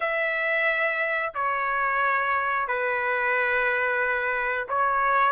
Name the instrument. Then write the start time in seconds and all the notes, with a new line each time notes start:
trumpet
0.00 E5
1.34 C#5
2.67 B4
4.68 C#5